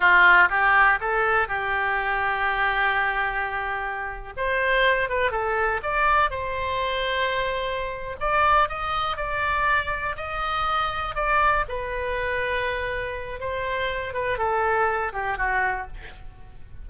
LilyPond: \new Staff \with { instrumentName = "oboe" } { \time 4/4 \tempo 4 = 121 f'4 g'4 a'4 g'4~ | g'1~ | g'8. c''4. b'8 a'4 d''16~ | d''8. c''2.~ c''16~ |
c''8 d''4 dis''4 d''4.~ | d''8 dis''2 d''4 b'8~ | b'2. c''4~ | c''8 b'8 a'4. g'8 fis'4 | }